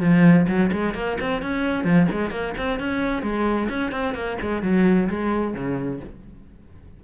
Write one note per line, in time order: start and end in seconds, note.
0.00 0.46 F3
0.48 0.71 F#3
0.72 0.94 G#3
0.94 1.17 A#3
1.20 1.42 C4
1.42 1.84 C#4
1.84 2.07 F3
2.11 2.30 G#3
2.30 2.53 A#3
2.57 2.79 C4
2.79 3.22 C#4
3.22 3.68 G#3
3.69 3.91 C#4
3.91 4.14 C4
4.14 4.37 A#3
4.41 4.63 G#3
4.63 5.09 F#3
5.09 5.54 G#3
5.54 6.00 C#3